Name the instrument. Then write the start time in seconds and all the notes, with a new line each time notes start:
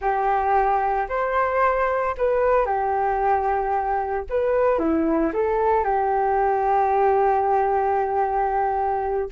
flute
0.01 G4
1.08 C5
2.17 B4
2.65 G4
4.29 B4
4.78 E4
5.33 A4
5.84 G4